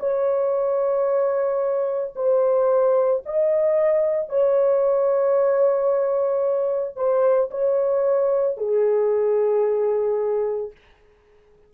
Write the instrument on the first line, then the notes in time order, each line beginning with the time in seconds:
horn
0.00 C#5
2.16 C5
3.26 D#5
4.30 C#5
6.96 C5
7.51 C#5
8.58 G#4